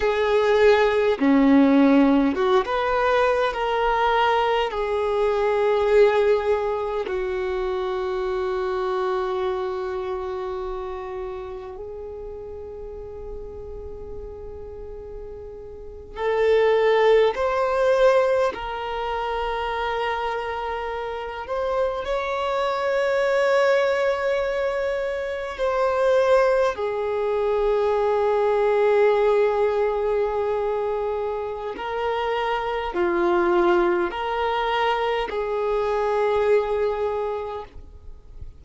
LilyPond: \new Staff \with { instrumentName = "violin" } { \time 4/4 \tempo 4 = 51 gis'4 cis'4 fis'16 b'8. ais'4 | gis'2 fis'2~ | fis'2 gis'2~ | gis'4.~ gis'16 a'4 c''4 ais'16~ |
ais'2~ ais'16 c''8 cis''4~ cis''16~ | cis''4.~ cis''16 c''4 gis'4~ gis'16~ | gis'2. ais'4 | f'4 ais'4 gis'2 | }